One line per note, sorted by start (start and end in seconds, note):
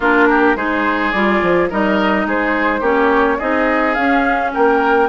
0.00 0.55 A#3
0.00 0.56 D4
0.00 0.28 F4
0.00 0.56 A#4
0.29 0.56 G4
0.55 1.12 G#3
0.55 1.13 D#4
0.55 1.69 G#4
0.55 1.11 C5
1.11 1.42 G3
1.11 1.70 F4
1.11 1.68 D5
1.42 1.70 F3
1.69 2.26 G3
1.69 2.82 D#4
1.69 2.26 A#4
1.69 2.27 D#5
2.26 2.80 G#3
2.26 2.80 G#4
2.26 2.84 C5
2.80 3.37 A#3
2.80 3.39 C#4
2.80 3.37 G4
2.80 3.39 C#5
3.38 3.96 C4
3.38 3.96 D#4
3.38 4.51 G#4
3.38 3.94 D#5
3.94 4.53 C#4
3.94 5.09 C#4
3.94 4.50 F5
4.54 5.09 A#3
4.54 5.09 A#4
4.54 5.09 G5